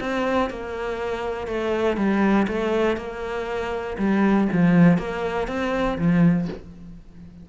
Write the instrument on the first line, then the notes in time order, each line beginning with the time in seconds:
cello
0.00 C4
0.50 A#3
1.47 A3
1.97 G3
2.48 A3
2.97 A#3
3.98 G3
4.52 F3
4.98 A#3
5.47 C4
5.98 F3